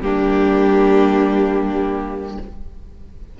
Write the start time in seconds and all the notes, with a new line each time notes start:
0.00 G3 A#3 D4 G4